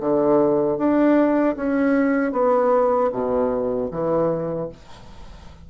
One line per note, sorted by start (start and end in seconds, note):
0.00 0.77 D3
0.77 1.55 D4
1.56 2.32 C#4
2.32 3.10 B3
3.12 3.90 B2
3.91 4.69 E3